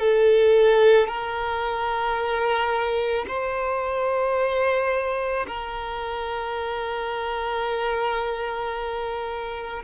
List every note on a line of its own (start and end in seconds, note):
0.00 1.08 A4
1.08 3.26 A#4
3.28 5.46 C5
5.47 9.83 A#4